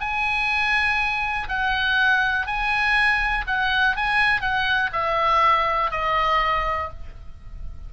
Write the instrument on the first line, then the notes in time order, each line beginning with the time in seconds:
oboe
0.00 G#5
1.48 F#5
2.46 G#5
3.47 F#5
3.96 G#5
4.41 F#5
4.92 E5
5.91 D#5